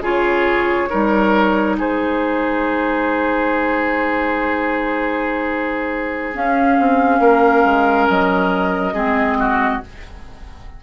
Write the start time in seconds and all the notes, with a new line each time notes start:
0.00 C#3 F4 G#4 C#5
0.89 G3 D#4 A#4
1.78 G#3 G#4 C5
6.34 C#4 F5
6.79 C4
7.19 A#3 A#4
7.64 G#3
8.09 F#3 D#5
8.93 G#3 C4 G#4
9.39 F#4